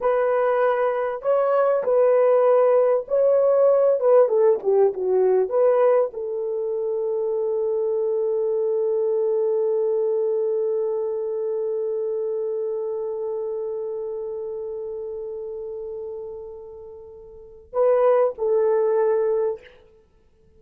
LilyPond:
\new Staff \with { instrumentName = "horn" } { \time 4/4 \tempo 4 = 98 b'2 cis''4 b'4~ | b'4 cis''4. b'8 a'8 g'8 | fis'4 b'4 a'2~ | a'1~ |
a'1~ | a'1~ | a'1~ | a'4 b'4 a'2 | }